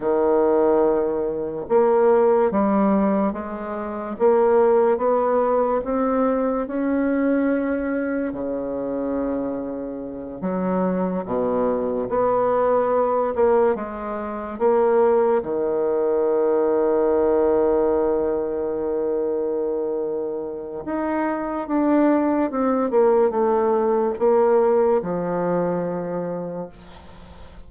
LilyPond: \new Staff \with { instrumentName = "bassoon" } { \time 4/4 \tempo 4 = 72 dis2 ais4 g4 | gis4 ais4 b4 c'4 | cis'2 cis2~ | cis8 fis4 b,4 b4. |
ais8 gis4 ais4 dis4.~ | dis1~ | dis4 dis'4 d'4 c'8 ais8 | a4 ais4 f2 | }